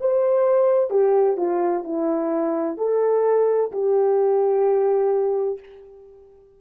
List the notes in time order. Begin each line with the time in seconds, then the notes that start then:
0.00 C5
0.90 G4
1.37 F4
1.84 E4
2.78 A4
3.72 G4